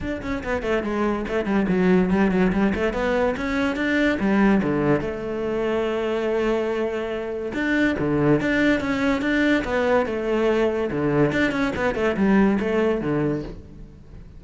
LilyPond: \new Staff \with { instrumentName = "cello" } { \time 4/4 \tempo 4 = 143 d'8 cis'8 b8 a8 gis4 a8 g8 | fis4 g8 fis8 g8 a8 b4 | cis'4 d'4 g4 d4 | a1~ |
a2 d'4 d4 | d'4 cis'4 d'4 b4 | a2 d4 d'8 cis'8 | b8 a8 g4 a4 d4 | }